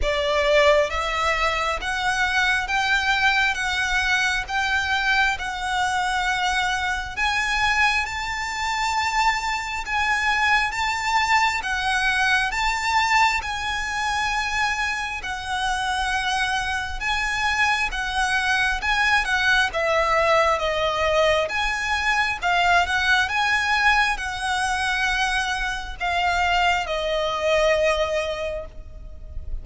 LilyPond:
\new Staff \with { instrumentName = "violin" } { \time 4/4 \tempo 4 = 67 d''4 e''4 fis''4 g''4 | fis''4 g''4 fis''2 | gis''4 a''2 gis''4 | a''4 fis''4 a''4 gis''4~ |
gis''4 fis''2 gis''4 | fis''4 gis''8 fis''8 e''4 dis''4 | gis''4 f''8 fis''8 gis''4 fis''4~ | fis''4 f''4 dis''2 | }